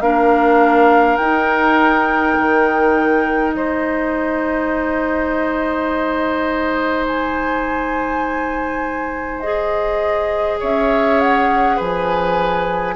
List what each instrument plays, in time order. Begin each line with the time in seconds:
0.00 bassoon A#3, clarinet D4, oboe A#4, flute F5
1.16 bassoon D#4, clarinet D#4, flute G5
2.37 bassoon D#3
3.53 bassoon G#3, oboe C5, flute D#5
7.06 flute G#5
9.40 clarinet G#4, flute D#5
10.59 bassoon C#4, oboe C#5, flute E5
11.20 flute F#5
11.76 bassoon F3, oboe B4, flute G#5